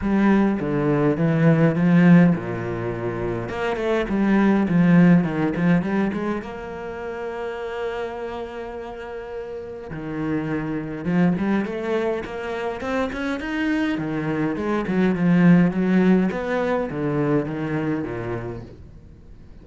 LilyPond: \new Staff \with { instrumentName = "cello" } { \time 4/4 \tempo 4 = 103 g4 d4 e4 f4 | ais,2 ais8 a8 g4 | f4 dis8 f8 g8 gis8 ais4~ | ais1~ |
ais4 dis2 f8 g8 | a4 ais4 c'8 cis'8 dis'4 | dis4 gis8 fis8 f4 fis4 | b4 d4 dis4 ais,4 | }